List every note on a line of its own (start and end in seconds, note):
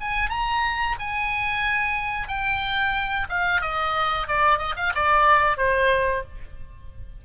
0.00 0.29 G#5
0.29 0.95 A#5
0.99 2.28 G#5
2.28 3.27 G5
3.29 3.61 F5
3.61 4.27 D#5
4.27 4.58 D5
4.58 4.74 D#5
4.76 4.92 F5
4.94 5.57 D5
5.57 6.23 C5